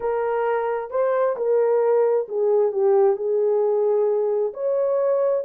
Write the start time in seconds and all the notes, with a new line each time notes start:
0.00 A#4
0.90 C5
1.36 A#4
2.28 G#4
2.72 G4
3.16 G#4
4.53 C#5